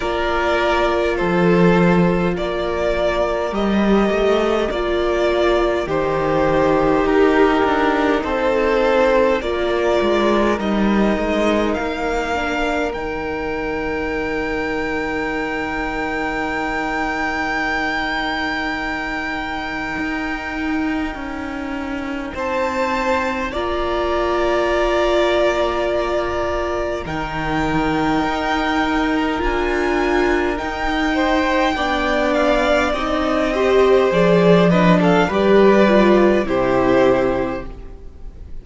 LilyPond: <<
  \new Staff \with { instrumentName = "violin" } { \time 4/4 \tempo 4 = 51 d''4 c''4 d''4 dis''4 | d''4 c''4 ais'4 c''4 | d''4 dis''4 f''4 g''4~ | g''1~ |
g''2. a''4 | ais''2. g''4~ | g''4 gis''4 g''4. f''8 | dis''4 d''8 dis''16 f''16 d''4 c''4 | }
  \new Staff \with { instrumentName = "violin" } { \time 4/4 ais'4 a'4 ais'2~ | ais'4 g'2 a'4 | ais'1~ | ais'1~ |
ais'2. c''4 | d''2. ais'4~ | ais'2~ ais'8 c''8 d''4~ | d''8 c''4 b'16 a'16 b'4 g'4 | }
  \new Staff \with { instrumentName = "viola" } { \time 4/4 f'2. g'4 | f'4 dis'2. | f'4 dis'4. d'8 dis'4~ | dis'1~ |
dis'1 | f'2. dis'4~ | dis'4 f'4 dis'4 d'4 | dis'8 g'8 gis'8 d'8 g'8 f'8 e'4 | }
  \new Staff \with { instrumentName = "cello" } { \time 4/4 ais4 f4 ais4 g8 a8 | ais4 dis4 dis'8 d'8 c'4 | ais8 gis8 g8 gis8 ais4 dis4~ | dis1~ |
dis4 dis'4 cis'4 c'4 | ais2. dis4 | dis'4 d'4 dis'4 b4 | c'4 f4 g4 c4 | }
>>